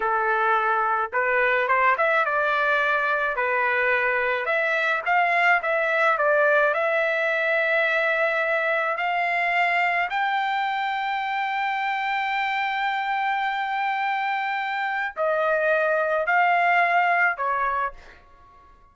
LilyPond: \new Staff \with { instrumentName = "trumpet" } { \time 4/4 \tempo 4 = 107 a'2 b'4 c''8 e''8 | d''2 b'2 | e''4 f''4 e''4 d''4 | e''1 |
f''2 g''2~ | g''1~ | g''2. dis''4~ | dis''4 f''2 cis''4 | }